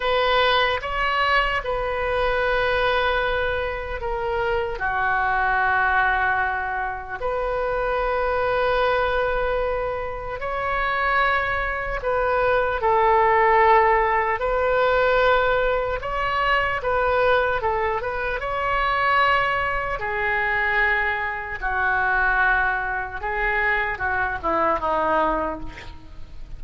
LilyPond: \new Staff \with { instrumentName = "oboe" } { \time 4/4 \tempo 4 = 75 b'4 cis''4 b'2~ | b'4 ais'4 fis'2~ | fis'4 b'2.~ | b'4 cis''2 b'4 |
a'2 b'2 | cis''4 b'4 a'8 b'8 cis''4~ | cis''4 gis'2 fis'4~ | fis'4 gis'4 fis'8 e'8 dis'4 | }